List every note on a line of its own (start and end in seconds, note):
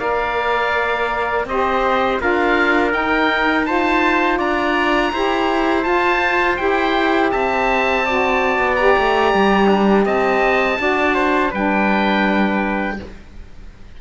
0.00 1.45 A#3
0.00 1.46 A#4
0.00 1.46 D5
0.00 1.46 F5
1.45 2.18 C4
1.45 2.20 G4
1.45 2.21 C5
1.45 2.21 D#5
2.20 2.94 D4
2.20 2.90 F4
2.20 3.67 A#4
2.20 2.92 F5
2.90 3.64 D#4
2.90 4.39 D#4
2.90 3.66 G5
3.65 5.12 F4
3.65 4.38 C5
3.65 4.39 A5
4.38 5.12 D4
4.38 5.11 D5
4.38 5.83 A#5
5.13 5.86 E4
5.13 5.82 G4
5.13 7.32 C5
5.82 6.56 F4
5.82 6.59 F4
5.82 6.56 A5
6.57 7.33 E4
6.57 8.04 G4
6.57 7.30 G5
7.32 8.59 C4
7.32 8.05 E5
7.32 8.76 A5
8.06 8.78 F#4
8.06 9.67 D5
8.59 8.95 B3
8.76 10.77 G4
8.76 10.04 A#5
8.98 9.34 A3
9.34 10.06 G3
9.67 10.04 D4
10.05 10.79 C4
10.05 10.78 D#5
10.05 11.53 A5
10.77 11.52 D4
10.77 11.51 F#4
10.77 11.14 D5
11.14 11.51 C5
11.51 12.99 G3
11.51 13.01 D4
11.51 12.97 B4
11.51 13.00 G5